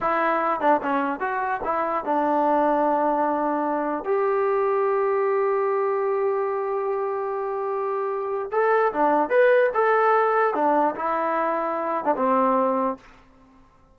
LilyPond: \new Staff \with { instrumentName = "trombone" } { \time 4/4 \tempo 4 = 148 e'4. d'8 cis'4 fis'4 | e'4 d'2.~ | d'2 g'2~ | g'1~ |
g'1~ | g'4 a'4 d'4 b'4 | a'2 d'4 e'4~ | e'4.~ e'16 d'16 c'2 | }